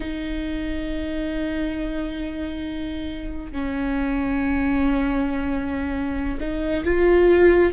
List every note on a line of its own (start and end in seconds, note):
0.00 3.52 D#4
3.52 6.39 C#4
6.40 6.84 D#4
6.84 7.72 F4